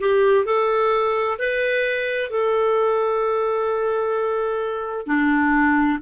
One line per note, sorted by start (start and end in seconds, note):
0.00 0.45 G4
0.45 1.37 A4
1.38 2.30 B4
2.30 5.06 A4
5.06 5.99 D4